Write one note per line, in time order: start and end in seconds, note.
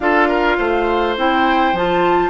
0.00 0.58 D4
0.00 1.17 F4
0.00 0.27 A4
0.00 1.16 F5
0.27 0.57 A#4
0.58 1.17 A3
0.58 2.30 C5
1.17 1.72 C4
1.17 1.75 E4
1.17 1.77 G5
1.72 2.30 F3
1.72 2.30 F4
1.72 2.30 A5